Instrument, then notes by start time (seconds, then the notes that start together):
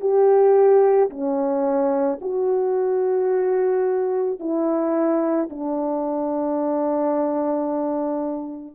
horn
0.00 G4
1.10 C#4
2.21 F#4
4.39 E4
5.49 D4